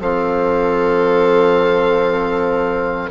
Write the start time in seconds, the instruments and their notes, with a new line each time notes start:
0.00 bassoon F3, trombone C4, viola A4, oboe F5